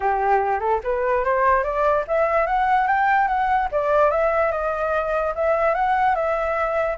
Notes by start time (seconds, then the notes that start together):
0.00 G4
0.60 A4
0.83 B4
1.24 C5
1.63 D5
2.07 E5
2.46 F#5
2.87 G5
3.27 F#5
3.71 D5
4.10 E5
4.51 D#5
5.35 E5
5.74 F#5
6.15 E5